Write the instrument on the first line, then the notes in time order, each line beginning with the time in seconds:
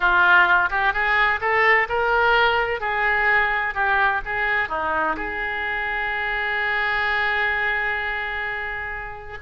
oboe
0.00 F4
0.70 G4
0.93 G#4
1.40 A4
1.89 A#4
2.80 G#4
3.74 G4
4.25 G#4
4.69 D#4
5.16 G#4